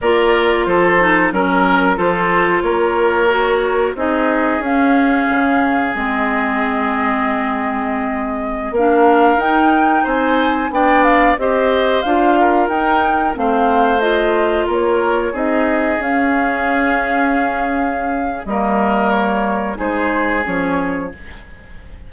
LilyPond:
<<
  \new Staff \with { instrumentName = "flute" } { \time 4/4 \tempo 4 = 91 d''4 c''4 ais'4 c''4 | cis''2 dis''4 f''4~ | f''4 dis''2.~ | dis''4~ dis''16 f''4 g''4 gis''8.~ |
gis''16 g''8 f''8 dis''4 f''4 g''8.~ | g''16 f''4 dis''4 cis''4 dis''8.~ | dis''16 f''2.~ f''8. | dis''4 cis''4 c''4 cis''4 | }
  \new Staff \with { instrumentName = "oboe" } { \time 4/4 ais'4 a'4 ais'4 a'4 | ais'2 gis'2~ | gis'1~ | gis'4~ gis'16 ais'2 c''8.~ |
c''16 d''4 c''4. ais'4~ ais'16~ | ais'16 c''2 ais'4 gis'8.~ | gis'1 | ais'2 gis'2 | }
  \new Staff \with { instrumentName = "clarinet" } { \time 4/4 f'4. dis'8 cis'4 f'4~ | f'4 fis'4 dis'4 cis'4~ | cis'4 c'2.~ | c'4~ c'16 d'4 dis'4.~ dis'16~ |
dis'16 d'4 g'4 f'4 dis'8.~ | dis'16 c'4 f'2 dis'8.~ | dis'16 cis'2.~ cis'8. | ais2 dis'4 cis'4 | }
  \new Staff \with { instrumentName = "bassoon" } { \time 4/4 ais4 f4 fis4 f4 | ais2 c'4 cis'4 | cis4 gis2.~ | gis4~ gis16 ais4 dis'4 c'8.~ |
c'16 b4 c'4 d'4 dis'8.~ | dis'16 a2 ais4 c'8.~ | c'16 cis'2.~ cis'8. | g2 gis4 f4 | }
>>